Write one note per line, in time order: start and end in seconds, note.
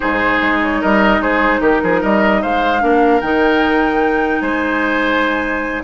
0.00 0.41 G#2
0.00 2.80 D#4
0.00 0.80 G#4
0.00 0.59 C5
0.41 0.81 G#3
0.62 0.81 C#5
0.81 1.19 G3
0.81 1.21 A#4
0.81 1.22 D#5
1.19 1.59 G#3
1.19 1.60 G#4
1.19 1.62 C5
1.60 1.80 D#3
1.60 1.81 G4
1.60 2.03 A#4
1.83 2.03 F3
1.83 2.00 G#4
2.00 2.43 G3
2.00 2.41 A#4
2.00 2.42 D#5
2.42 2.82 G#3
2.42 2.82 C5
2.42 3.20 F5
2.80 3.21 A#3
2.80 3.20 D4
2.80 4.42 A#4
3.20 4.41 D#3
3.20 5.83 D#4
3.20 4.41 G5
4.41 5.82 G#3
4.41 5.83 C5
4.41 5.82 G#5